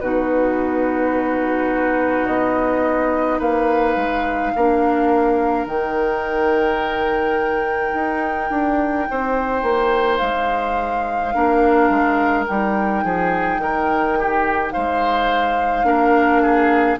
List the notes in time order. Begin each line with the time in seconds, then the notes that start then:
0.00 B2 D#4 F#4 B4
2.26 B3 D#5
3.38 A#3 B4 F5
3.96 G#3
4.55 A#3 D4 A#4
5.66 D#3 D#4 G5
7.93 D#4
8.50 D4
9.10 C4 C5
9.62 A#3
10.18 G#3 F5
11.33 A#3 D4 A#4
11.89 G#3
12.45 G3 D#4 G5
13.04 F3 G#4
13.57 D#3 A#4
14.18 G4
14.71 G#3 C5 F5
15.83 A#3 D4 A#4
16.42 G#4